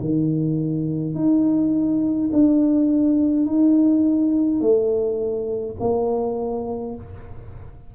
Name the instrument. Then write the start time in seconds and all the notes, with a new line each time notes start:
tuba
0.00 D#3
1.14 D#4
2.32 D4
3.46 D#4
4.60 A3
5.79 A#3